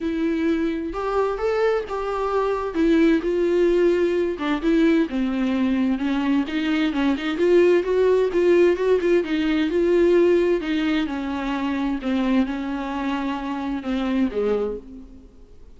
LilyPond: \new Staff \with { instrumentName = "viola" } { \time 4/4 \tempo 4 = 130 e'2 g'4 a'4 | g'2 e'4 f'4~ | f'4. d'8 e'4 c'4~ | c'4 cis'4 dis'4 cis'8 dis'8 |
f'4 fis'4 f'4 fis'8 f'8 | dis'4 f'2 dis'4 | cis'2 c'4 cis'4~ | cis'2 c'4 gis4 | }